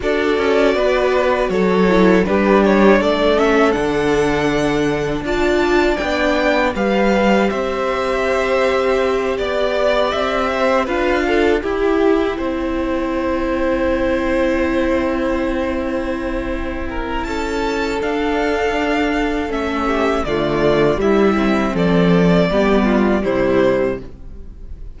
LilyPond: <<
  \new Staff \with { instrumentName = "violin" } { \time 4/4 \tempo 4 = 80 d''2 cis''4 b'8 cis''8 | d''8 e''8 fis''2 a''4 | g''4 f''4 e''2~ | e''8 d''4 e''4 f''4 g''8~ |
g''1~ | g''2. a''4 | f''2 e''4 d''4 | e''4 d''2 c''4 | }
  \new Staff \with { instrumentName = "violin" } { \time 4/4 a'4 b'4 a'4 g'4 | a'2. d''4~ | d''4 b'4 c''2~ | c''8 d''4. c''8 b'8 a'8 g'8~ |
g'8 c''2.~ c''8~ | c''2~ c''8 ais'8 a'4~ | a'2~ a'8 g'8 f'4 | e'4 a'4 g'8 f'8 e'4 | }
  \new Staff \with { instrumentName = "viola" } { \time 4/4 fis'2~ fis'8 e'8 d'4~ | d'8 cis'8 d'2 f'4 | d'4 g'2.~ | g'2~ g'8 f'4 e'8~ |
e'1~ | e'1 | d'2 cis'4 a4 | g8 c'4. b4 g4 | }
  \new Staff \with { instrumentName = "cello" } { \time 4/4 d'8 cis'8 b4 fis4 g4 | a4 d2 d'4 | b4 g4 c'2~ | c'8 b4 c'4 d'4 e'8~ |
e'8 c'2.~ c'8~ | c'2. cis'4 | d'2 a4 d4 | g4 f4 g4 c4 | }
>>